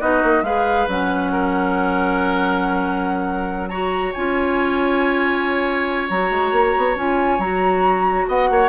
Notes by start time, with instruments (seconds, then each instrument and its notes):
0.00 bassoon B3, clarinet D#4, oboe F#4, flute D#5
0.24 bassoon A#3
0.42 bassoon G#3, clarinet G#4, oboe B4, flute F5
0.88 bassoon F#3, clarinet C#4, flute F#5
1.32 oboe A#4
3.69 clarinet F#4, oboe C#5, flute A#5
4.13 bassoon C#4, clarinet F4, flute G#5
6.09 bassoon F#3, clarinet F#4, flute A#5
6.31 bassoon G#3
6.52 bassoon A#3
6.78 bassoon B3
6.96 bassoon C#4, clarinet F4, flute G#5
7.38 bassoon F#3, clarinet F#4, flute A#5
8.28 bassoon B3, oboe D#5, flute F#5
8.50 bassoon A#3, oboe C#5